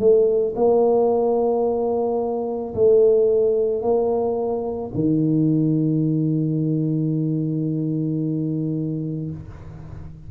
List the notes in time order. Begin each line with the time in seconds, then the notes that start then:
0.00 A3
0.56 A#3
2.75 A3
3.82 A#3
4.95 D#3